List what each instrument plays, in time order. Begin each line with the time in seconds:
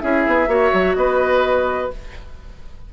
0.00 bassoon C#4, clarinet E4, oboe G#4, flute E5
0.27 bassoon B3
0.48 bassoon A#3, clarinet F#4, oboe C#5
0.73 bassoon F#3
0.96 bassoon B3, oboe B4, flute D#5